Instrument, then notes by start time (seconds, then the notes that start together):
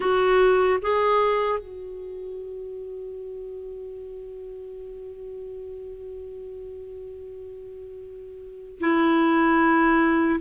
clarinet
0.00 F#4
0.82 G#4
1.59 F#4
8.80 E4